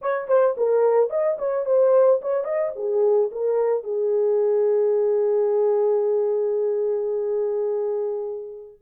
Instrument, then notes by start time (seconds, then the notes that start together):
horn
0.01 C#5
0.28 C5
0.57 A#4
1.09 D#5
1.38 C#5
1.65 C5
2.21 C#5
2.44 D#5
2.75 G#4
3.31 A#4
3.83 G#4